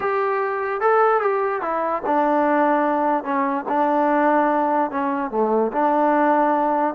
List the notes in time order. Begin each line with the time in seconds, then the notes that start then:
0.00 G4
0.80 A4
1.21 G4
1.61 E4
2.06 D4
3.24 C#4
3.68 D4
4.90 C#4
5.31 A3
5.72 D4